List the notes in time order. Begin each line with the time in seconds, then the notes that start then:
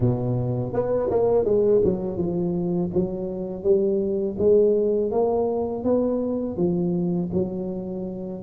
0.00 B2
0.73 B3
1.10 A#3
1.45 G#3
1.84 F#3
2.17 F3
2.94 F#3
3.63 G3
4.38 G#3
5.11 A#3
5.84 B3
6.57 F3
7.33 F#3